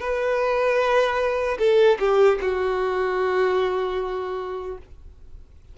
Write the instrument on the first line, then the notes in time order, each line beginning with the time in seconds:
violin
0.00 B4
1.59 A4
2.00 G4
2.41 F#4